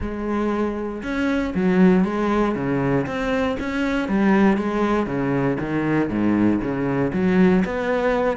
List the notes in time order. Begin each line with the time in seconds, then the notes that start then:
0.00 G#3
1.02 C#4
1.55 F#3
2.04 G#3
2.55 C#3
3.06 C4
3.59 C#4
4.08 G3
4.57 G#3
5.06 C#3
5.59 D#3
6.09 G#2
6.61 C#3
7.13 F#3
7.65 B3